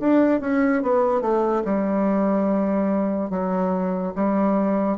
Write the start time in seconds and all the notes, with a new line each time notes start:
0.00 D4
0.41 C#4
0.82 B3
1.21 A3
1.65 G3
3.30 F#3
4.15 G3